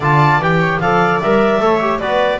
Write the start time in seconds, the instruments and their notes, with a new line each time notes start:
0.00 double bass D3, trombone F4, viola D5, clarinet A5
0.38 double bass E3, trombone G4, clarinet G5
0.59 viola C#5
0.80 double bass F3, trombone A4, viola D5, clarinet F5
1.20 double bass G3, trombone A#4, clarinet E5
1.59 double bass A3, trombone A4, viola C#5
1.81 trombone G4
1.99 double bass B3, trombone F#4, viola B4, clarinet D5